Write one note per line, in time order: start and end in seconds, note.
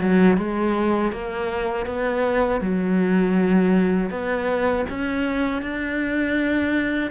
0.00 0.37 F#3
0.37 1.11 G#3
1.11 1.85 A#3
1.85 2.60 B3
2.60 4.10 F#3
4.10 4.85 B3
4.89 5.61 C#4
5.61 7.10 D4